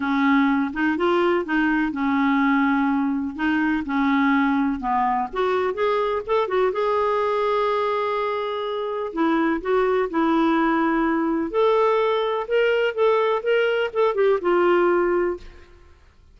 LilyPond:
\new Staff \with { instrumentName = "clarinet" } { \time 4/4 \tempo 4 = 125 cis'4. dis'8 f'4 dis'4 | cis'2. dis'4 | cis'2 b4 fis'4 | gis'4 a'8 fis'8 gis'2~ |
gis'2. e'4 | fis'4 e'2. | a'2 ais'4 a'4 | ais'4 a'8 g'8 f'2 | }